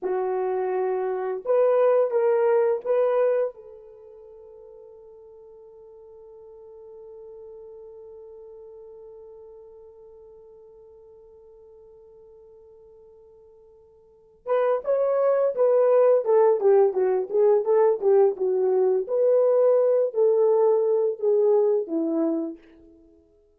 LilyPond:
\new Staff \with { instrumentName = "horn" } { \time 4/4 \tempo 4 = 85 fis'2 b'4 ais'4 | b'4 a'2.~ | a'1~ | a'1~ |
a'1~ | a'8 b'8 cis''4 b'4 a'8 g'8 | fis'8 gis'8 a'8 g'8 fis'4 b'4~ | b'8 a'4. gis'4 e'4 | }